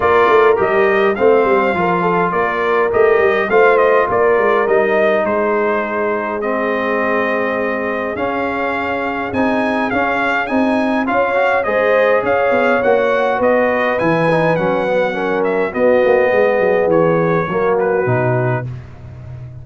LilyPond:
<<
  \new Staff \with { instrumentName = "trumpet" } { \time 4/4 \tempo 4 = 103 d''4 dis''4 f''2 | d''4 dis''4 f''8 dis''8 d''4 | dis''4 c''2 dis''4~ | dis''2 f''2 |
gis''4 f''4 gis''4 f''4 | dis''4 f''4 fis''4 dis''4 | gis''4 fis''4. e''8 dis''4~ | dis''4 cis''4. b'4. | }
  \new Staff \with { instrumentName = "horn" } { \time 4/4 ais'2 c''4 ais'8 a'8 | ais'2 c''4 ais'4~ | ais'4 gis'2.~ | gis'1~ |
gis'2. cis''4 | c''4 cis''2 b'4~ | b'2 ais'4 fis'4 | gis'2 fis'2 | }
  \new Staff \with { instrumentName = "trombone" } { \time 4/4 f'4 g'4 c'4 f'4~ | f'4 g'4 f'2 | dis'2. c'4~ | c'2 cis'2 |
dis'4 cis'4 dis'4 f'8 fis'8 | gis'2 fis'2 | e'8 dis'8 cis'8 b8 cis'4 b4~ | b2 ais4 dis'4 | }
  \new Staff \with { instrumentName = "tuba" } { \time 4/4 ais8 a8 g4 a8 g8 f4 | ais4 a8 g8 a4 ais8 gis8 | g4 gis2.~ | gis2 cis'2 |
c'4 cis'4 c'4 cis'4 | gis4 cis'8 b8 ais4 b4 | e4 fis2 b8 ais8 | gis8 fis8 e4 fis4 b,4 | }
>>